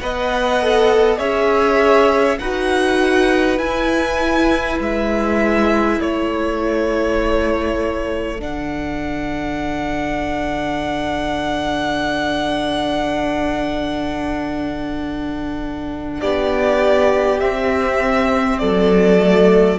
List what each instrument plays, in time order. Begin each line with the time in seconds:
0.00 cello B3, viola B4, violin D#5 F#5
0.61 viola A4
1.17 cello C#4, viola G#4, violin C#5 E5
2.38 cello D#4, viola F#4, violin B4 F#5
3.58 viola E4, cello E4, violin G#5
4.79 cello G#3, violin E5
6.00 cello A3, violin A4 C#5
8.38 cello D3, viola D4, violin F#5
16.20 cello B3, violin G4 D5
17.39 viola C4, cello C4, violin E5
18.58 cello F#3, violin A4 D5
19.18 viola A3